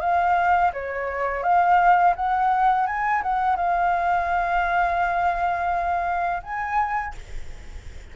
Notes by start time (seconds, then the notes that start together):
0.00 F5
0.73 C#5
1.43 F5
2.16 F#5
2.86 G#5
3.22 F#5
3.56 F5
6.43 G#5